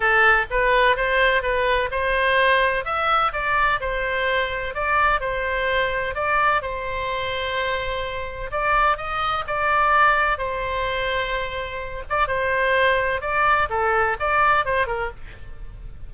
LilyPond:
\new Staff \with { instrumentName = "oboe" } { \time 4/4 \tempo 4 = 127 a'4 b'4 c''4 b'4 | c''2 e''4 d''4 | c''2 d''4 c''4~ | c''4 d''4 c''2~ |
c''2 d''4 dis''4 | d''2 c''2~ | c''4. d''8 c''2 | d''4 a'4 d''4 c''8 ais'8 | }